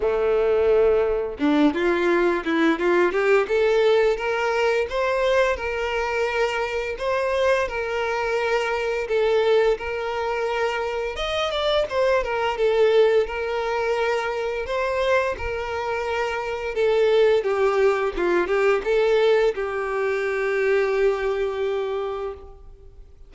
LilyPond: \new Staff \with { instrumentName = "violin" } { \time 4/4 \tempo 4 = 86 a2 d'8 f'4 e'8 | f'8 g'8 a'4 ais'4 c''4 | ais'2 c''4 ais'4~ | ais'4 a'4 ais'2 |
dis''8 d''8 c''8 ais'8 a'4 ais'4~ | ais'4 c''4 ais'2 | a'4 g'4 f'8 g'8 a'4 | g'1 | }